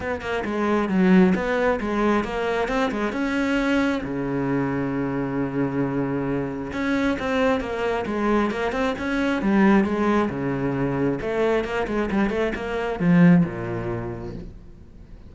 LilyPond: \new Staff \with { instrumentName = "cello" } { \time 4/4 \tempo 4 = 134 b8 ais8 gis4 fis4 b4 | gis4 ais4 c'8 gis8 cis'4~ | cis'4 cis2.~ | cis2. cis'4 |
c'4 ais4 gis4 ais8 c'8 | cis'4 g4 gis4 cis4~ | cis4 a4 ais8 gis8 g8 a8 | ais4 f4 ais,2 | }